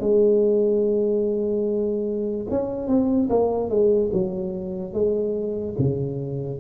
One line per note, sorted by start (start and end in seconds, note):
0.00 2.47 G#3
2.50 2.87 C#4
2.87 3.28 C4
3.30 3.69 A#3
3.69 4.10 G#3
4.12 4.93 F#3
4.93 5.75 G#3
5.78 6.60 C#3